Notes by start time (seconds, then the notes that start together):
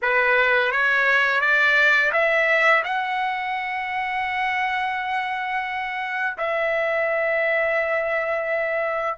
0.02 B4
0.71 C#5
1.41 D5
2.12 E5
2.84 F#5
6.37 E5